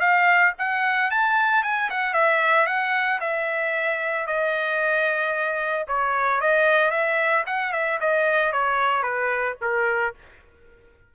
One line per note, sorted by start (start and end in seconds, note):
0.00 0.53 F5
0.58 1.11 F#5
1.11 1.63 A5
1.63 1.90 G#5
1.90 2.14 F#5
2.14 2.66 E5
2.66 3.20 F#5
3.21 4.27 E5
4.27 5.86 D#5
5.88 6.41 C#5
6.41 6.91 D#5
6.91 7.44 E5
7.46 7.73 F#5
7.73 7.99 E5
8.00 8.52 D#5
8.52 9.03 C#5
9.03 9.56 B4
9.61 10.14 A#4